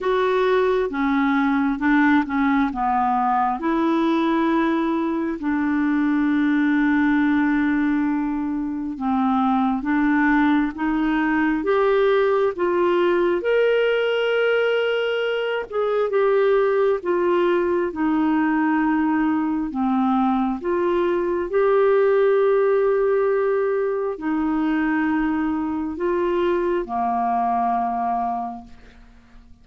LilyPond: \new Staff \with { instrumentName = "clarinet" } { \time 4/4 \tempo 4 = 67 fis'4 cis'4 d'8 cis'8 b4 | e'2 d'2~ | d'2 c'4 d'4 | dis'4 g'4 f'4 ais'4~ |
ais'4. gis'8 g'4 f'4 | dis'2 c'4 f'4 | g'2. dis'4~ | dis'4 f'4 ais2 | }